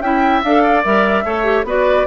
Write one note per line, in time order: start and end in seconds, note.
0.00 0.41 C#4
0.00 0.43 E4
0.00 0.63 E5
0.00 0.42 G5
0.43 0.84 D4
0.43 0.84 A4
0.43 0.84 F5
0.63 1.24 D5
0.84 1.24 G3
0.84 1.24 A#4
0.84 1.65 E5
1.24 1.64 A3
1.24 1.44 A4
1.24 1.66 C#5
1.44 1.64 G4
1.64 2.05 B3
1.64 2.07 F#4
1.64 2.07 B4
1.64 2.07 D5